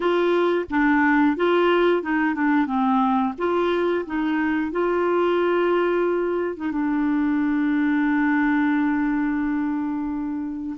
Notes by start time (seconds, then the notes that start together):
0.00 F4
0.70 D4
1.36 F4
2.02 D#4
2.34 D4
2.66 C4
3.37 F4
4.06 D#4
4.71 F4
6.56 D#4
6.71 D4